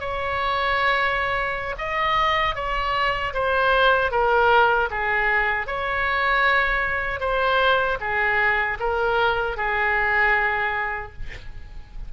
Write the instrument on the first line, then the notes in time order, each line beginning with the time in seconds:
oboe
0.00 C#5
1.78 D#5
2.55 C#5
3.34 C5
4.11 A#4
4.91 G#4
5.67 C#5
7.20 C5
8.00 G#4
8.80 A#4
9.57 G#4